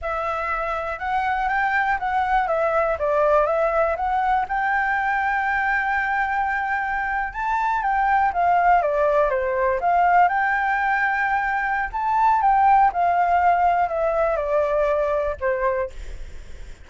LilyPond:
\new Staff \with { instrumentName = "flute" } { \time 4/4 \tempo 4 = 121 e''2 fis''4 g''4 | fis''4 e''4 d''4 e''4 | fis''4 g''2.~ | g''2~ g''8. a''4 g''16~ |
g''8. f''4 d''4 c''4 f''16~ | f''8. g''2.~ g''16 | a''4 g''4 f''2 | e''4 d''2 c''4 | }